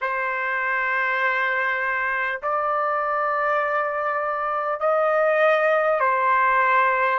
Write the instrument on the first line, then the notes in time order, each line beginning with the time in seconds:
trumpet
0.01 C5
2.42 D5
4.79 D#5
5.99 C5